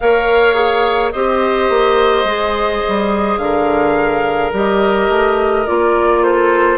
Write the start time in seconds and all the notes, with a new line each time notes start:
0.00 A#3 A#4 C#5 F5
0.54 G#4
1.11 C4 G4 C5 D#5
1.69 A#3
2.24 G#3 G#4
2.87 G3
3.37 D3 A#4 F5
4.52 G3 G4 D#5
5.09 A3
5.66 A#3 F4 D5
6.22 A4 C5